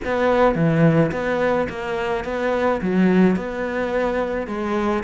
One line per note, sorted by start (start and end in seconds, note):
0.04 0.55 B3
0.55 1.11 E3
1.11 1.67 B3
1.69 2.24 A#3
2.24 2.80 B3
2.81 3.36 F#3
3.36 4.47 B3
4.47 5.03 G#3